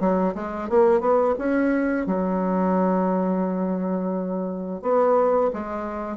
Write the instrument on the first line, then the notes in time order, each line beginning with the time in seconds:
bassoon
0.00 F#3
0.35 G#3
0.69 A#3
1.01 B3
1.39 C#4
2.07 F#3
4.82 B3
5.53 G#3